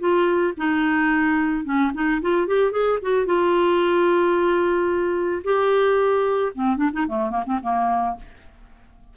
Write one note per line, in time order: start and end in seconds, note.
0.00 0.54 F4
0.58 1.65 D#4
1.65 1.92 C#4
1.94 2.21 D#4
2.22 2.47 F4
2.47 2.72 G4
2.72 2.99 G#4
3.02 3.27 F#4
3.27 5.43 F4
5.44 6.53 G4
6.55 6.77 C4
6.77 6.90 D4
6.93 7.07 D#4
7.08 7.31 A3
7.31 7.44 A#3
7.46 7.60 C4
7.63 8.17 A#3